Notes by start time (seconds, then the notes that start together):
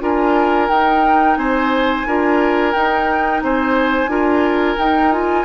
0.00 D4 F4 A#4 G#5
0.69 D#4 G5
1.36 C4 C5 G#5
2.07 D4 F4 A#4
2.73 D#4 G5
3.42 C4 C5 G#5
4.07 D4 F4 A#4
4.77 D#4 G5
5.12 F4 G#5